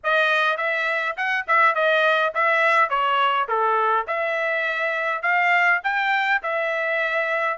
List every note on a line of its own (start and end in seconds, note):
0.03 0.57 D#5
0.57 1.15 E5
1.16 1.45 F#5
1.47 1.74 E5
1.74 2.33 D#5
2.34 2.89 E5
2.89 3.47 C#5
3.48 4.06 A4
4.07 5.22 E5
5.22 5.80 F5
5.83 6.41 G5
6.42 7.58 E5